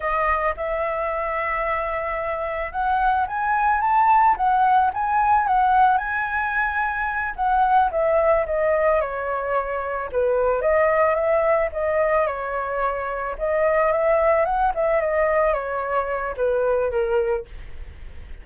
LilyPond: \new Staff \with { instrumentName = "flute" } { \time 4/4 \tempo 4 = 110 dis''4 e''2.~ | e''4 fis''4 gis''4 a''4 | fis''4 gis''4 fis''4 gis''4~ | gis''4. fis''4 e''4 dis''8~ |
dis''8 cis''2 b'4 dis''8~ | dis''8 e''4 dis''4 cis''4.~ | cis''8 dis''4 e''4 fis''8 e''8 dis''8~ | dis''8 cis''4. b'4 ais'4 | }